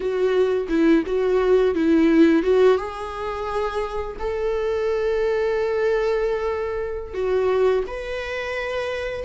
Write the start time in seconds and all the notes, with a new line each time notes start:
0.00 F#4
0.68 E4
1.06 F#4
1.74 E4
2.43 F#4
2.77 G#4
4.19 A4
7.14 F#4
7.87 B4